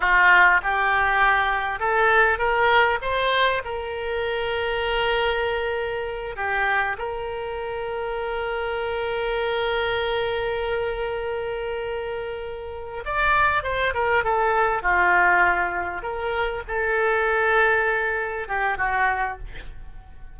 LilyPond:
\new Staff \with { instrumentName = "oboe" } { \time 4/4 \tempo 4 = 99 f'4 g'2 a'4 | ais'4 c''4 ais'2~ | ais'2~ ais'8 g'4 ais'8~ | ais'1~ |
ais'1~ | ais'4. d''4 c''8 ais'8 a'8~ | a'8 f'2 ais'4 a'8~ | a'2~ a'8 g'8 fis'4 | }